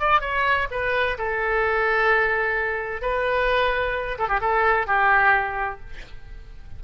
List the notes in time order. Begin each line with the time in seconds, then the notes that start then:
0.00 D5
0.21 C#5
0.71 B4
1.18 A4
3.02 B4
4.19 A4
4.29 G4
4.41 A4
4.87 G4